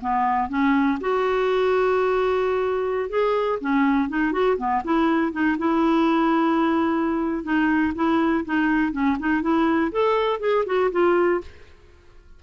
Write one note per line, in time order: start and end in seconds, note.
0.00 0.48 B3
0.48 0.98 C#4
1.00 3.09 F#4
3.09 3.59 G#4
3.60 4.09 C#4
4.09 4.32 D#4
4.32 4.57 F#4
4.57 4.82 B3
4.84 5.32 E4
5.32 5.56 D#4
5.58 7.43 E4
7.43 7.93 D#4
7.95 8.44 E4
8.45 8.92 D#4
8.92 9.17 C#4
9.19 9.41 D#4
9.41 9.91 E4
9.91 10.39 A4
10.39 10.64 G#4
10.66 10.90 F#4
10.91 11.41 F4